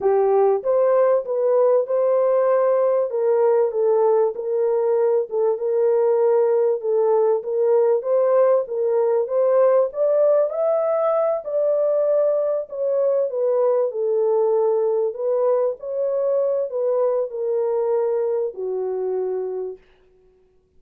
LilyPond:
\new Staff \with { instrumentName = "horn" } { \time 4/4 \tempo 4 = 97 g'4 c''4 b'4 c''4~ | c''4 ais'4 a'4 ais'4~ | ais'8 a'8 ais'2 a'4 | ais'4 c''4 ais'4 c''4 |
d''4 e''4. d''4.~ | d''8 cis''4 b'4 a'4.~ | a'8 b'4 cis''4. b'4 | ais'2 fis'2 | }